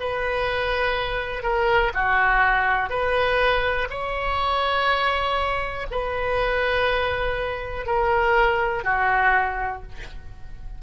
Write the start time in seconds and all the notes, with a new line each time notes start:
0.00 B4
1.43 A#4
1.94 F#4
2.90 B4
3.90 C#5
5.91 B4
7.86 A#4
8.84 F#4